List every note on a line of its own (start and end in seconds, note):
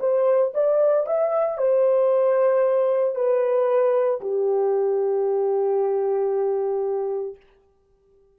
0.00 0.53 C5
0.54 1.07 D5
1.07 1.57 E5
1.57 3.15 C5
3.15 4.21 B4
4.21 7.37 G4